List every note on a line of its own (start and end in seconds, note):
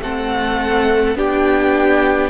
0.00 1.15 A3
0.00 1.16 C4
0.00 1.18 A4
0.00 1.17 F#5
1.15 2.31 B3
1.15 2.31 D4
1.15 2.31 G4
1.15 2.31 G5